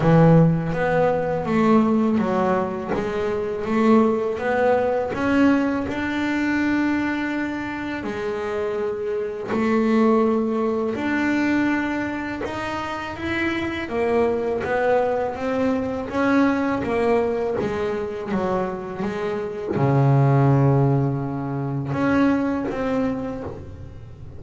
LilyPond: \new Staff \with { instrumentName = "double bass" } { \time 4/4 \tempo 4 = 82 e4 b4 a4 fis4 | gis4 a4 b4 cis'4 | d'2. gis4~ | gis4 a2 d'4~ |
d'4 dis'4 e'4 ais4 | b4 c'4 cis'4 ais4 | gis4 fis4 gis4 cis4~ | cis2 cis'4 c'4 | }